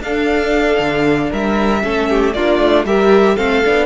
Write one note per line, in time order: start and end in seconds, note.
0.00 0.78 D4
0.00 1.82 D4
0.00 1.31 A4
0.00 1.32 F5
0.79 1.30 D3
1.31 1.83 G3
1.31 1.83 A#4
1.31 2.34 E5
1.82 2.34 A3
1.82 2.34 C#4
1.82 2.10 A4
2.10 2.36 G4
2.34 2.59 A#3
2.34 2.86 D4
2.34 2.86 F4
2.34 2.85 D5
2.59 2.85 A3
2.85 3.36 G3
2.85 3.37 G4
2.85 3.36 A#4
2.85 3.37 E5
3.36 3.65 A3
3.36 3.63 C4
3.36 3.86 A4
3.36 3.86 F5
3.65 3.86 B3
3.65 3.86 D4